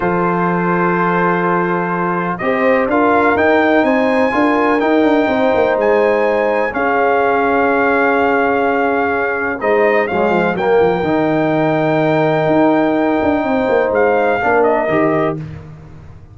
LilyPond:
<<
  \new Staff \with { instrumentName = "trumpet" } { \time 4/4 \tempo 4 = 125 c''1~ | c''4 dis''4 f''4 g''4 | gis''2 g''2 | gis''2 f''2~ |
f''1 | dis''4 f''4 g''2~ | g''1~ | g''4 f''4. dis''4. | }
  \new Staff \with { instrumentName = "horn" } { \time 4/4 a'1~ | a'4 c''4 ais'2 | c''4 ais'2 c''4~ | c''2 gis'2~ |
gis'1 | c''4 cis''8 c''8 ais'2~ | ais'1 | c''2 ais'2 | }
  \new Staff \with { instrumentName = "trombone" } { \time 4/4 f'1~ | f'4 g'4 f'4 dis'4~ | dis'4 f'4 dis'2~ | dis'2 cis'2~ |
cis'1 | dis'4 gis4 ais4 dis'4~ | dis'1~ | dis'2 d'4 g'4 | }
  \new Staff \with { instrumentName = "tuba" } { \time 4/4 f1~ | f4 c'4 d'4 dis'4 | c'4 d'4 dis'8 d'8 c'8 ais8 | gis2 cis'2~ |
cis'1 | gis4 fis8 f8 fis8 f8 dis4~ | dis2 dis'4. d'8 | c'8 ais8 gis4 ais4 dis4 | }
>>